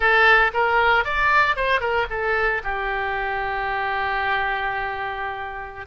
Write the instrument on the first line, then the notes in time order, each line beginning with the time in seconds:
oboe
0.00 A4
0.53 A#4
1.04 D5
1.56 C5
1.80 A#4
2.09 A4
2.63 G4